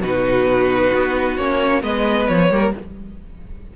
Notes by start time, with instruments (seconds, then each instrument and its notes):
0.00 cello B2, viola D#4, violin F#4 B4
0.93 cello B3
1.37 cello A#3, viola C#4, violin C#5
1.81 cello G#3, viola B3, violin B4 D#5
2.27 cello F3, violin C#5
2.50 cello G3, viola A#3, violin A#4